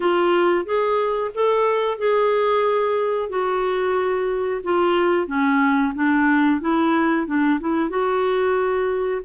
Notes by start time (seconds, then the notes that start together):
0.00 F4
0.65 G#4
1.34 A4
1.98 G#4
3.29 F#4
4.63 F4
5.27 C#4
5.95 D4
6.61 E4
7.26 D4
7.60 E4
7.89 F#4